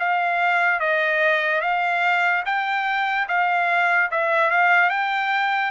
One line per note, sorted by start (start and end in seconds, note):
0.00 0.80 F5
0.80 1.61 D#5
1.61 2.44 F5
2.45 3.28 G5
3.28 4.11 F5
4.12 4.51 E5
4.51 4.90 F5
4.90 5.72 G5